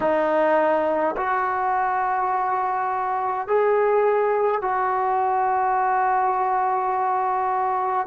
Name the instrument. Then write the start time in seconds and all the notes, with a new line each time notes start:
trombone
0.00 D#4
1.16 F#4
3.47 G#4
4.61 F#4